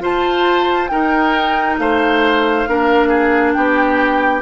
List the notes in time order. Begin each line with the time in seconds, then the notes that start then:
0.00 F4 C5 A5
0.87 D#4 A#4 G5
1.78 A3 C5 F5
2.67 A#3 D4 A#4
3.08 G#4
3.53 B3 G4 G5